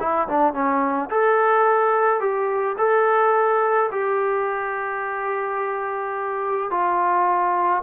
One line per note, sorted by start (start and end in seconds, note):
0.00 0.28 E4
0.29 0.54 D4
0.54 1.10 C#4
1.11 2.20 A4
2.20 2.77 G4
2.78 3.90 A4
3.92 6.71 G4
6.71 7.83 F4